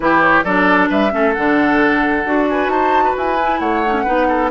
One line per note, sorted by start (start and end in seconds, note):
0.00 0.43 E3
0.00 0.44 E4
0.00 0.44 G4
0.00 0.21 B4
0.21 0.43 C#5
0.44 0.89 F#3
0.44 1.11 D4
0.44 0.89 A4
0.44 0.89 D5
0.89 1.12 G3
0.89 1.11 B4
0.89 1.33 E5
1.11 1.36 A3
1.11 1.33 C#4
1.11 2.49 A4
1.33 2.25 D3
1.33 2.25 D4
1.33 2.45 F#5
2.25 2.67 D4
2.25 3.38 F#4
2.48 2.71 B4
2.48 2.69 G#5
2.67 3.12 D#4
2.67 3.04 C5
2.67 3.14 A5
3.04 3.60 B4
3.17 3.60 E4
3.17 3.59 G#5
3.42 3.86 E4
3.59 4.05 A3
3.59 4.03 C#5
3.59 4.50 F#5
3.86 3.93 D#4
3.93 4.04 C#4
4.03 4.50 B3
4.03 4.50 D#4
4.03 4.26 B4
4.28 4.50 A4